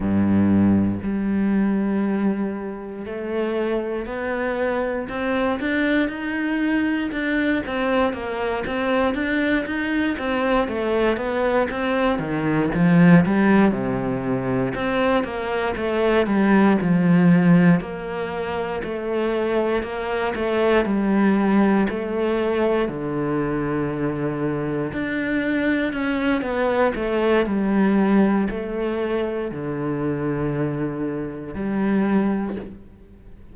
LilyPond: \new Staff \with { instrumentName = "cello" } { \time 4/4 \tempo 4 = 59 g,4 g2 a4 | b4 c'8 d'8 dis'4 d'8 c'8 | ais8 c'8 d'8 dis'8 c'8 a8 b8 c'8 | dis8 f8 g8 c4 c'8 ais8 a8 |
g8 f4 ais4 a4 ais8 | a8 g4 a4 d4.~ | d8 d'4 cis'8 b8 a8 g4 | a4 d2 g4 | }